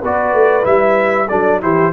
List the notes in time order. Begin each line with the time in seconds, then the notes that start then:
0.00 B3 F#4 B4 D5
0.33 A3
0.63 G3 E4 E5
1.28 F#3 D4 A4 D5
1.61 E3 E4 G4 C5